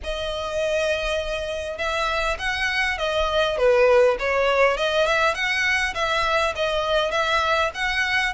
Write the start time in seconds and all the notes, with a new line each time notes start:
0.03 D#5
1.77 E5
2.38 F#5
2.98 D#5
3.57 B4
4.19 C#5
4.77 D#5
5.06 E5
5.34 F#5
5.94 E5
6.55 D#5
7.11 E5
7.74 F#5